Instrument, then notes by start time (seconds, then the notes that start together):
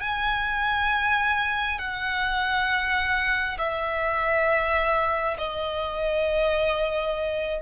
violin
0.00 G#5
1.78 F#5
3.57 E5
5.38 D#5